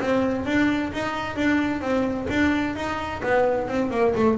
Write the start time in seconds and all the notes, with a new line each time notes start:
0.00 C4
0.45 D4
0.93 D#4
1.36 D4
1.81 C4
2.30 D4
2.75 D#4
3.22 B3
3.68 C4
3.91 A#3
4.15 A3